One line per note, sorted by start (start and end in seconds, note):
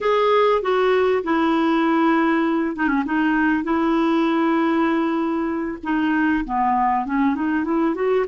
0.00 0.62 G#4
0.62 1.23 F#4
1.23 2.76 E4
2.76 2.87 D#4
2.87 3.03 C#4
3.05 3.63 D#4
3.63 5.78 E4
5.83 6.44 D#4
6.45 7.05 B3
7.05 7.35 C#4
7.35 7.64 D#4
7.64 7.95 E4
7.95 8.25 F#4